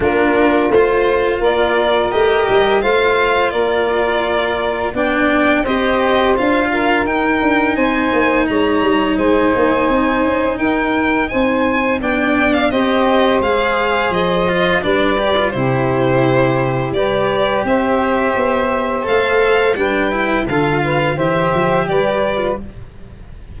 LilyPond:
<<
  \new Staff \with { instrumentName = "violin" } { \time 4/4 \tempo 4 = 85 ais'4 c''4 d''4 dis''4 | f''4 d''2 g''4 | dis''4 f''4 g''4 gis''4 | ais''4 gis''2 g''4 |
gis''4 g''8. f''16 dis''4 f''4 | dis''4 d''4 c''2 | d''4 e''2 f''4 | g''4 f''4 e''4 d''4 | }
  \new Staff \with { instrumentName = "saxophone" } { \time 4/4 f'2 ais'2 | c''4 ais'2 d''4 | c''4. ais'4. c''4 | cis''4 c''2 ais'4 |
c''4 d''4 c''2~ | c''4 b'4 g'2 | b'4 c''2. | b'4 a'8 b'8 c''4 b'4 | }
  \new Staff \with { instrumentName = "cello" } { \time 4/4 d'4 f'2 g'4 | f'2. d'4 | g'4 f'4 dis'2~ | dis'1~ |
dis'4 d'4 g'4 gis'4~ | gis'8 f'8 d'8 g'16 f'16 e'2 | g'2. a'4 | d'8 e'8 f'4 g'4.~ g'16 f'16 | }
  \new Staff \with { instrumentName = "tuba" } { \time 4/4 ais4 a4 ais4 a8 g8 | a4 ais2 b4 | c'4 d'4 dis'8 d'8 c'8 ais8 | gis8 g8 gis8 ais8 c'8 cis'8 dis'4 |
c'4 b4 c'4 gis4 | f4 g4 c2 | g4 c'4 b4 a4 | g4 d4 e8 f8 g4 | }
>>